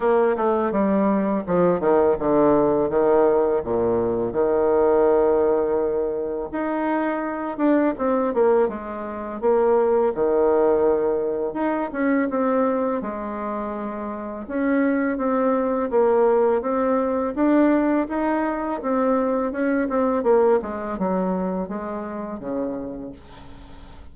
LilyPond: \new Staff \with { instrumentName = "bassoon" } { \time 4/4 \tempo 4 = 83 ais8 a8 g4 f8 dis8 d4 | dis4 ais,4 dis2~ | dis4 dis'4. d'8 c'8 ais8 | gis4 ais4 dis2 |
dis'8 cis'8 c'4 gis2 | cis'4 c'4 ais4 c'4 | d'4 dis'4 c'4 cis'8 c'8 | ais8 gis8 fis4 gis4 cis4 | }